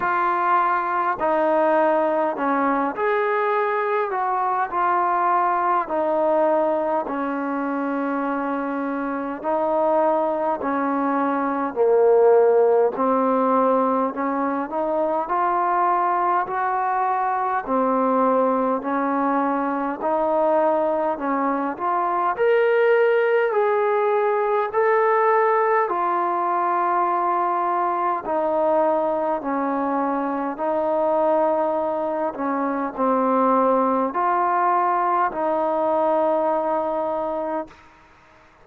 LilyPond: \new Staff \with { instrumentName = "trombone" } { \time 4/4 \tempo 4 = 51 f'4 dis'4 cis'8 gis'4 fis'8 | f'4 dis'4 cis'2 | dis'4 cis'4 ais4 c'4 | cis'8 dis'8 f'4 fis'4 c'4 |
cis'4 dis'4 cis'8 f'8 ais'4 | gis'4 a'4 f'2 | dis'4 cis'4 dis'4. cis'8 | c'4 f'4 dis'2 | }